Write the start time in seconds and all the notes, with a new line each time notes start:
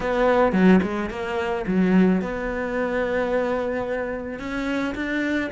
0.00 B3
0.52 F#3
0.82 G#3
1.10 A#3
1.66 F#3
2.21 B3
4.39 C#4
4.94 D4